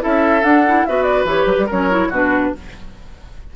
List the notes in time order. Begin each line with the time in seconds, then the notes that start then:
0.00 C#4 E4 A4 E5
0.43 D4 F#5
0.67 E4
0.85 B3 F#4 B4 E5
1.03 D5
1.24 E3 G4 C#5
1.46 F#3 B4
1.58 G3
1.66 F#3 C#4 A#4 C#5
1.90 E4
2.09 B2 D4 F#4 B4